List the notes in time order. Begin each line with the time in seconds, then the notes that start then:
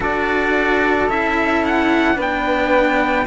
0.00 D4 F#4 A4 D5
1.07 C#4 E4 E5
1.64 F#5
2.13 B3 D4 B4
2.21 G5